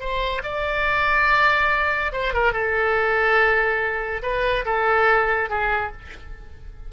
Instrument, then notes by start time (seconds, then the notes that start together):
oboe
0.00 C5
0.43 D5
2.12 C5
2.34 A#4
2.53 A4
4.22 B4
4.65 A4
5.49 G#4